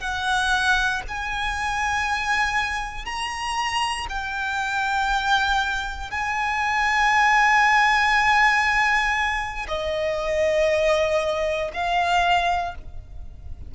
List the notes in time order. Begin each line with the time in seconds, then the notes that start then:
0.00 F#5
1.08 G#5
3.05 A#5
4.09 G5
6.11 G#5
9.68 D#5
11.73 F5